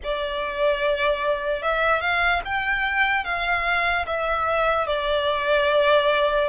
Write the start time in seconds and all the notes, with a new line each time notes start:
0.03 D5
1.62 E5
2.00 F5
2.44 G5
3.24 F5
4.06 E5
4.86 D5